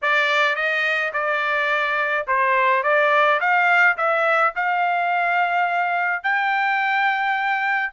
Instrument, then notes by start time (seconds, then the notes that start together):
trumpet
0.02 D5
0.55 D#5
1.13 D5
2.27 C5
2.83 D5
3.40 F5
3.97 E5
4.55 F5
6.23 G5